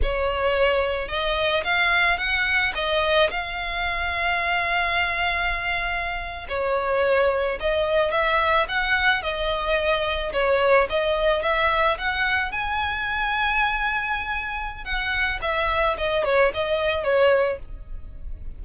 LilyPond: \new Staff \with { instrumentName = "violin" } { \time 4/4 \tempo 4 = 109 cis''2 dis''4 f''4 | fis''4 dis''4 f''2~ | f''2.~ f''8. cis''16~ | cis''4.~ cis''16 dis''4 e''4 fis''16~ |
fis''8. dis''2 cis''4 dis''16~ | dis''8. e''4 fis''4 gis''4~ gis''16~ | gis''2. fis''4 | e''4 dis''8 cis''8 dis''4 cis''4 | }